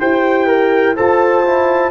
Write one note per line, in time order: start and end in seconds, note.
0.00 0.98 E4
0.00 0.96 G4
0.00 0.47 C5
0.00 0.97 G5
0.47 0.96 A#4
0.96 1.92 F4
0.96 1.45 A4
0.96 1.92 C5
0.96 1.92 A5
1.45 1.92 E4